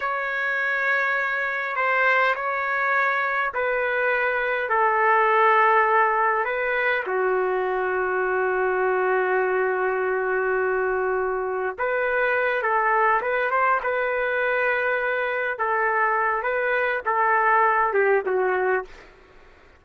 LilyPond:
\new Staff \with { instrumentName = "trumpet" } { \time 4/4 \tempo 4 = 102 cis''2. c''4 | cis''2 b'2 | a'2. b'4 | fis'1~ |
fis'1 | b'4. a'4 b'8 c''8 b'8~ | b'2~ b'8 a'4. | b'4 a'4. g'8 fis'4 | }